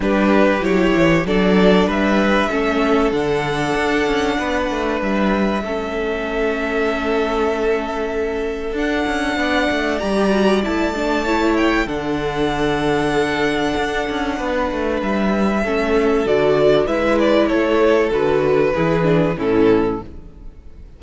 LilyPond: <<
  \new Staff \with { instrumentName = "violin" } { \time 4/4 \tempo 4 = 96 b'4 cis''4 d''4 e''4~ | e''4 fis''2. | e''1~ | e''2 fis''2 |
ais''4 a''4. g''8 fis''4~ | fis''1 | e''2 d''4 e''8 d''8 | cis''4 b'2 a'4 | }
  \new Staff \with { instrumentName = "violin" } { \time 4/4 g'2 a'4 b'4 | a'2. b'4~ | b'4 a'2.~ | a'2. d''4~ |
d''2 cis''4 a'4~ | a'2. b'4~ | b'4 a'2 b'4 | a'2 gis'4 e'4 | }
  \new Staff \with { instrumentName = "viola" } { \time 4/4 d'4 e'4 d'2 | cis'4 d'2.~ | d'4 cis'2.~ | cis'2 d'2 |
g'8 fis'8 e'8 d'8 e'4 d'4~ | d'1~ | d'4 cis'4 fis'4 e'4~ | e'4 fis'4 e'8 d'8 cis'4 | }
  \new Staff \with { instrumentName = "cello" } { \time 4/4 g4 fis8 e8 fis4 g4 | a4 d4 d'8 cis'8 b8 a8 | g4 a2.~ | a2 d'8 cis'8 b8 a8 |
g4 a2 d4~ | d2 d'8 cis'8 b8 a8 | g4 a4 d4 gis4 | a4 d4 e4 a,4 | }
>>